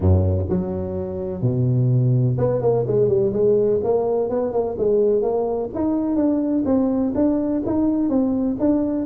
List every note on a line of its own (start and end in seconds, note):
0.00 0.46 F#2
0.49 1.41 F#3
1.41 2.37 B2
2.37 2.61 B3
2.61 2.85 A#3
2.87 3.08 G#3
3.08 3.32 G3
3.32 3.80 G#3
3.83 4.29 A#3
4.29 4.52 B3
4.52 4.76 A#3
4.78 5.22 G#3
5.22 5.69 A#3
5.74 6.16 D#4
6.16 6.63 D4
6.65 7.13 C4
7.14 7.62 D4
7.65 8.09 D#4
8.09 8.56 C4
8.59 9.05 D4